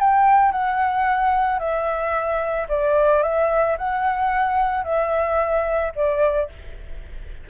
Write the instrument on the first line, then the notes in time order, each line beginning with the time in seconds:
flute
0.00 G5
0.52 F#5
1.59 E5
2.69 D5
3.23 E5
3.78 F#5
4.84 E5
5.96 D5